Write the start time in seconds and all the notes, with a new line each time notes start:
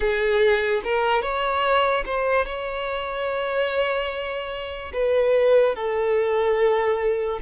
0.00 G#4
0.84 A#4
1.21 C#5
2.05 C5
2.45 C#5
4.93 B4
5.75 A4